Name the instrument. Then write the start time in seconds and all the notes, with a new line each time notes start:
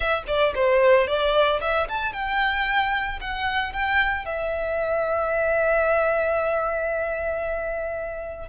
violin
0.00 E5
0.27 D5
0.54 C5
1.07 D5
1.60 E5
1.88 A5
2.12 G5
3.20 F#5
3.72 G5
4.25 E5